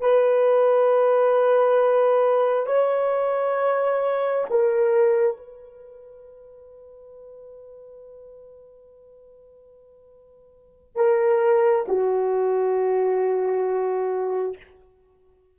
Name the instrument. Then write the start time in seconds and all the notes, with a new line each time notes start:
horn
0.00 B4
2.66 C#5
4.50 A#4
5.36 B4
10.95 A#4
11.88 F#4